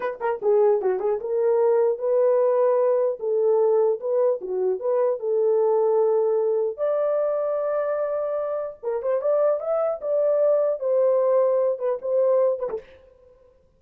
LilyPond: \new Staff \with { instrumentName = "horn" } { \time 4/4 \tempo 4 = 150 b'8 ais'8 gis'4 fis'8 gis'8 ais'4~ | ais'4 b'2. | a'2 b'4 fis'4 | b'4 a'2.~ |
a'4 d''2.~ | d''2 ais'8 c''8 d''4 | e''4 d''2 c''4~ | c''4. b'8 c''4. b'16 a'16 | }